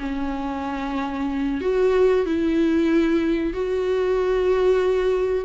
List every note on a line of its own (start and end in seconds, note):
0.00 1.61 C#4
1.62 2.26 F#4
2.26 3.54 E4
3.54 5.45 F#4